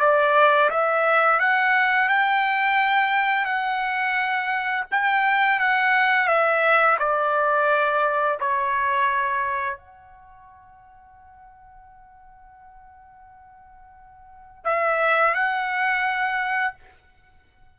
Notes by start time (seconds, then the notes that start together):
0.00 D5
0.70 E5
1.40 F#5
2.09 G5
3.45 F#5
4.92 G5
5.60 F#5
6.28 E5
6.99 D5
8.40 C#5
9.77 F#5
14.64 E5
15.35 F#5